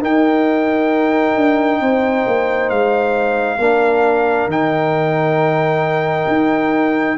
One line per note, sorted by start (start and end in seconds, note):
0.00 3.58 D#4
0.00 1.35 D#4
0.00 1.81 A#4
0.00 2.69 G5
1.35 1.80 D4
1.80 2.25 C4
1.80 3.59 C5
2.26 2.70 A#3
2.69 3.58 G#3
2.69 4.48 F5
3.58 4.46 A#3
3.58 4.49 D4
3.58 7.17 A#4
4.46 6.25 D#3
4.46 7.17 D#4
4.46 7.17 G5
6.27 7.17 D#4